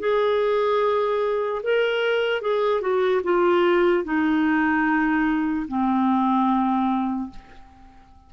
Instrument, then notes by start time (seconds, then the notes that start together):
clarinet
0.00 G#4
1.64 A#4
2.42 G#4
2.81 F#4
3.24 F4
4.05 D#4
5.68 C4